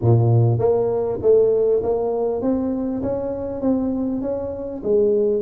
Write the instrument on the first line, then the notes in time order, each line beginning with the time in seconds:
tuba
0.01 A#2
0.58 A#3
1.21 A3
1.83 A#3
2.41 C4
3.02 C#4
3.61 C4
4.21 C#4
4.83 G#3